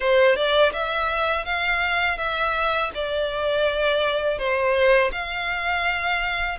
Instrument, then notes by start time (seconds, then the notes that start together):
violin
0.00 C5
0.36 D5
0.72 E5
1.45 F5
2.17 E5
2.94 D5
4.38 C5
5.12 F5